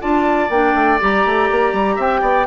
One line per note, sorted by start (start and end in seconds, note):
0.00 0.49 D4
0.00 0.49 F4
0.00 1.96 D5
0.00 0.50 A5
0.49 0.74 A#3
0.49 1.00 D4
0.49 1.00 G5
0.75 0.99 A3
1.00 1.25 G3
1.00 2.47 G4
1.00 2.01 A#5
1.25 1.50 A3
1.51 1.73 A#3
1.73 1.97 G3
1.96 2.21 C4
1.96 2.20 E5
1.96 2.47 G5
2.21 2.46 B3
2.21 2.46 D5